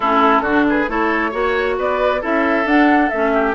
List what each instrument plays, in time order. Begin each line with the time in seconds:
0.00 bassoon A3, clarinet C#4, oboe E4, flute A4
0.40 bassoon D3, oboe F#4
0.48 clarinet D4
0.69 oboe G#4, flute B4
0.88 bassoon A3, clarinet E4, oboe A4, flute C#5
1.30 bassoon A#3, clarinet F#4, oboe C#5
1.78 bassoon B3, oboe B4, flute D5
2.21 bassoon C#4, clarinet E4, oboe A4, flute E5
2.65 bassoon D4, clarinet D4, flute F#5
3.09 bassoon A3, clarinet C#4, flute E5
3.33 oboe G4